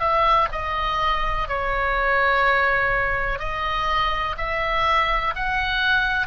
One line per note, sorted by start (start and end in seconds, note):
0.00 0.48 E5
0.52 1.49 D#5
1.49 3.40 C#5
3.40 4.36 D#5
4.38 5.34 E5
5.36 6.27 F#5